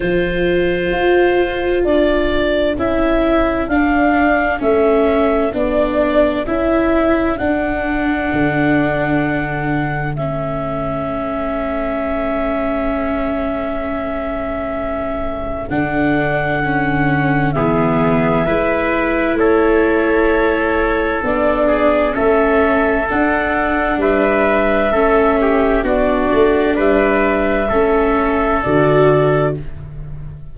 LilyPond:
<<
  \new Staff \with { instrumentName = "clarinet" } { \time 4/4 \tempo 4 = 65 c''2 d''4 e''4 | f''4 e''4 d''4 e''4 | fis''2. e''4~ | e''1~ |
e''4 fis''2 e''4~ | e''4 cis''2 d''4 | e''4 fis''4 e''2 | d''4 e''2 d''4 | }
  \new Staff \with { instrumentName = "trumpet" } { \time 4/4 a'1~ | a'1~ | a'1~ | a'1~ |
a'2. gis'4 | b'4 a'2~ a'8 gis'8 | a'2 b'4 a'8 g'8 | fis'4 b'4 a'2 | }
  \new Staff \with { instrumentName = "viola" } { \time 4/4 f'2. e'4 | d'4 cis'4 d'4 e'4 | d'2. cis'4~ | cis'1~ |
cis'4 d'4 cis'4 b4 | e'2. d'4 | cis'4 d'2 cis'4 | d'2 cis'4 fis'4 | }
  \new Staff \with { instrumentName = "tuba" } { \time 4/4 f4 f'4 d'4 cis'4 | d'4 a4 b4 cis'4 | d'4 d2 a4~ | a1~ |
a4 d2 e4 | gis4 a2 b4 | a4 d'4 g4 a4 | b8 a8 g4 a4 d4 | }
>>